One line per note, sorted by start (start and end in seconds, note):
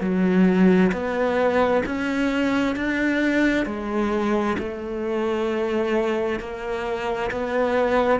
0.00 0.91 F#3
0.92 1.83 B3
1.86 2.76 C#4
2.76 3.65 D4
3.65 4.56 G#3
4.58 6.39 A3
6.39 7.30 A#3
7.31 8.20 B3